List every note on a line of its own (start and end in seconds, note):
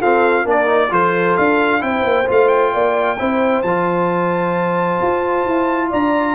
0.00 0.46 C4
0.00 0.46 F4
0.00 0.44 A4
0.00 0.48 F5
0.44 0.92 A#3
0.44 0.67 D4
0.44 0.89 A#4
0.50 0.93 D5
0.67 0.89 D#4
0.90 1.37 F3
0.90 1.81 F4
0.90 1.83 A4
0.90 1.37 C5
1.37 1.83 D4
1.37 1.83 F5
1.81 2.03 C4
1.81 2.26 E4
1.81 2.73 C5
1.81 2.28 G5
2.03 2.26 A#3
2.26 2.75 A3
2.26 3.17 F4
2.26 2.49 F5
2.49 3.62 G5
2.73 3.20 A#3
2.73 3.18 D5
3.18 3.63 C4
3.18 3.64 E4
3.18 5.90 C5
3.62 5.00 F3
3.62 6.35 F4
3.62 5.90 A5
5.02 5.48 F4
5.48 5.93 E4
5.90 6.35 D4
5.90 6.35 D5
5.90 6.35 A#5